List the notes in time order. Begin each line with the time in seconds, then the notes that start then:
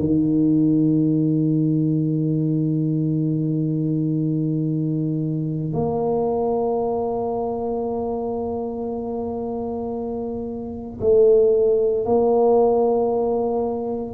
0.00 D#3
5.74 A#3
11.01 A3
12.06 A#3